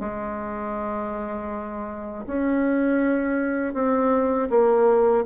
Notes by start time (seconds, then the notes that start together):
0.00 G#3
2.27 C#4
3.74 C4
4.50 A#3